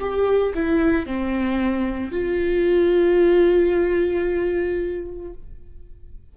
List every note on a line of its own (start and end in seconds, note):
0.00 0.54 G4
0.55 1.06 E4
1.06 2.12 C4
2.12 5.33 F4